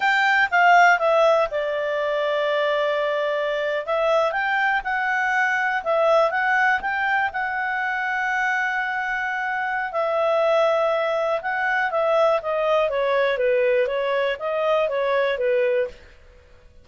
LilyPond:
\new Staff \with { instrumentName = "clarinet" } { \time 4/4 \tempo 4 = 121 g''4 f''4 e''4 d''4~ | d''2.~ d''8. e''16~ | e''8. g''4 fis''2 e''16~ | e''8. fis''4 g''4 fis''4~ fis''16~ |
fis''1 | e''2. fis''4 | e''4 dis''4 cis''4 b'4 | cis''4 dis''4 cis''4 b'4 | }